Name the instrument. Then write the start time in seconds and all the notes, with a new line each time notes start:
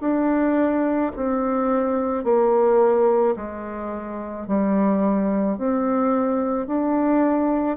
bassoon
0.00 D4
1.16 C4
2.24 A#3
3.35 G#3
4.47 G3
5.57 C4
6.66 D4